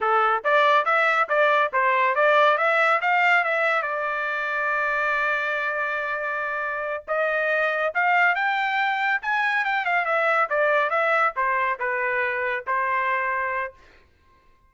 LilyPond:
\new Staff \with { instrumentName = "trumpet" } { \time 4/4 \tempo 4 = 140 a'4 d''4 e''4 d''4 | c''4 d''4 e''4 f''4 | e''4 d''2.~ | d''1~ |
d''8 dis''2 f''4 g''8~ | g''4. gis''4 g''8 f''8 e''8~ | e''8 d''4 e''4 c''4 b'8~ | b'4. c''2~ c''8 | }